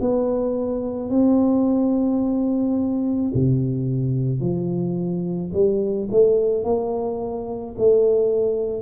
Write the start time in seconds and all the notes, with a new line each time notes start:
0.00 B3
1.09 C4
3.34 C3
4.40 F3
5.53 G3
6.11 A3
6.64 A#3
7.78 A3